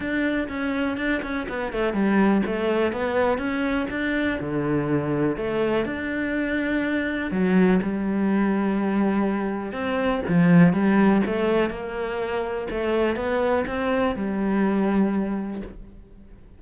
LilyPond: \new Staff \with { instrumentName = "cello" } { \time 4/4 \tempo 4 = 123 d'4 cis'4 d'8 cis'8 b8 a8 | g4 a4 b4 cis'4 | d'4 d2 a4 | d'2. fis4 |
g1 | c'4 f4 g4 a4 | ais2 a4 b4 | c'4 g2. | }